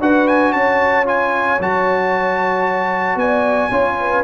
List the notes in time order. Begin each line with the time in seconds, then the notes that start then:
0.00 D4 F#4 B4 F#5
0.28 G#5
0.52 C#4 C#5 A5
1.05 F4 G#5
1.59 F#3 F#4 A5
3.15 B3 D5 G#5
3.70 C#4 F4 C#5
4.00 B4